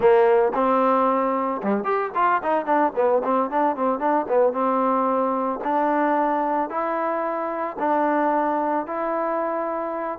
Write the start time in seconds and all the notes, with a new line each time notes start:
0.00 A#3
0.54 C4
1.62 G3
1.84 G4
2.15 F4
2.43 D#4
2.65 D4
2.95 B3
3.23 C4
3.50 D4
3.75 C4
3.99 D4
4.28 B3
4.52 C4
5.63 D4
6.69 E4
7.79 D4
8.86 E4